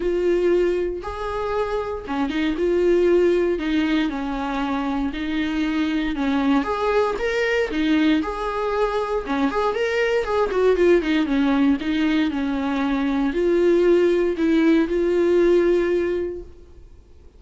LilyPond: \new Staff \with { instrumentName = "viola" } { \time 4/4 \tempo 4 = 117 f'2 gis'2 | cis'8 dis'8 f'2 dis'4 | cis'2 dis'2 | cis'4 gis'4 ais'4 dis'4 |
gis'2 cis'8 gis'8 ais'4 | gis'8 fis'8 f'8 dis'8 cis'4 dis'4 | cis'2 f'2 | e'4 f'2. | }